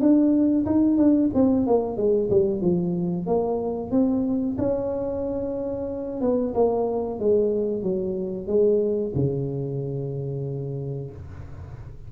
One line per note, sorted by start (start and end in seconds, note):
0.00 0.65 D4
0.66 0.97 D#4
0.97 1.30 D4
1.34 1.66 C4
1.66 1.97 A#3
1.97 2.30 G#3
2.30 2.61 G3
2.61 3.26 F3
3.26 3.91 A#3
3.91 4.56 C4
4.58 6.21 C#4
6.21 6.54 B3
6.54 7.19 A#3
7.19 7.82 G#3
7.82 8.47 F#3
8.47 9.12 G#3
9.15 11.10 C#3